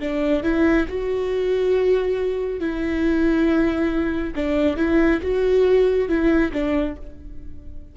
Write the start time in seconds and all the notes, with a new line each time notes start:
0.00 D4
0.43 E4
0.88 F#4
2.60 E4
4.35 D4
4.77 E4
5.22 F#4
6.09 E4
6.53 D4